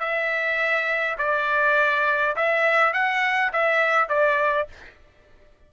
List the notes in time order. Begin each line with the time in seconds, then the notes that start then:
0.00 E5
1.18 D5
2.36 E5
2.94 F#5
3.53 E5
4.09 D5